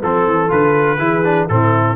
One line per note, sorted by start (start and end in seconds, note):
0.00 0.26 F3
0.00 0.49 C4
0.00 0.98 A4
0.00 0.52 A4
0.26 0.51 E3
0.49 0.99 D3
0.49 0.98 F4
0.49 1.49 B4
0.99 1.48 E3
0.99 1.24 E4
0.99 1.49 G#4
1.25 1.49 D4
1.49 1.97 A2
1.49 1.97 C4
1.49 1.97 E4
1.49 1.97 A4